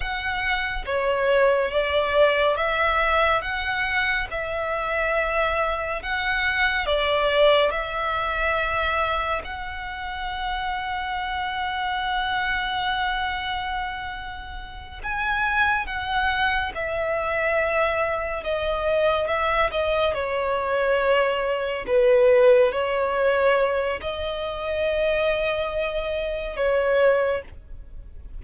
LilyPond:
\new Staff \with { instrumentName = "violin" } { \time 4/4 \tempo 4 = 70 fis''4 cis''4 d''4 e''4 | fis''4 e''2 fis''4 | d''4 e''2 fis''4~ | fis''1~ |
fis''4. gis''4 fis''4 e''8~ | e''4. dis''4 e''8 dis''8 cis''8~ | cis''4. b'4 cis''4. | dis''2. cis''4 | }